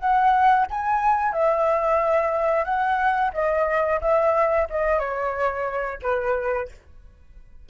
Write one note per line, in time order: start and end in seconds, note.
0.00 0.67 F#5
0.71 1.33 G#5
1.33 2.65 E5
2.65 3.32 F#5
3.34 4.01 D#5
4.02 4.68 E5
4.70 4.99 D#5
4.99 5.99 C#5
6.02 6.69 B4